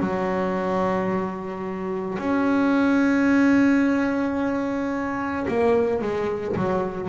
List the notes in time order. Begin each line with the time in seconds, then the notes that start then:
0.00 F#3
2.19 C#4
5.47 A#3
6.01 G#3
6.56 F#3